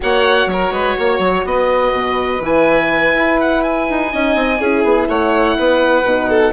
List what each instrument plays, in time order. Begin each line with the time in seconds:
0.00 bassoon A#3, horn F#4, violin C#5, oboe F#5
0.46 bassoon F#3, violin A#4, oboe C#5
0.71 bassoon G#3, violin B4
0.98 bassoon A#3, violin C#5
1.18 bassoon F#3
1.45 bassoon B3, violin B4, oboe D#5
1.93 bassoon B2
2.40 bassoon E3, horn E4, oboe G#5
3.15 bassoon E4
3.40 oboe F#5
3.63 oboe G#5
3.89 bassoon D#4
4.10 bassoon C#4, horn D#4, violin D#5
4.35 bassoon C4
4.60 bassoon C#4, horn E4, violin G#4
4.83 bassoon B3
5.08 bassoon A3, violin C#5, oboe F#5
5.58 bassoon B3, violin B4
6.03 bassoon B2, horn D#4
6.29 violin A4